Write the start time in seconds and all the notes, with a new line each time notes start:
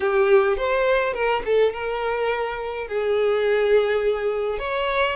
0.00 G4
0.57 C5
1.13 A#4
1.45 A4
1.73 A#4
2.87 G#4
4.58 C#5